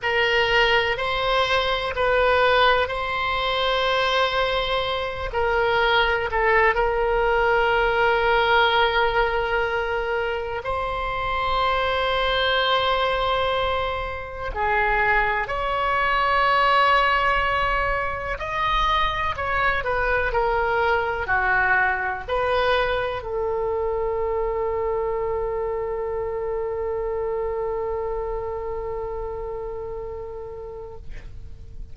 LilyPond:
\new Staff \with { instrumentName = "oboe" } { \time 4/4 \tempo 4 = 62 ais'4 c''4 b'4 c''4~ | c''4. ais'4 a'8 ais'4~ | ais'2. c''4~ | c''2. gis'4 |
cis''2. dis''4 | cis''8 b'8 ais'4 fis'4 b'4 | a'1~ | a'1 | }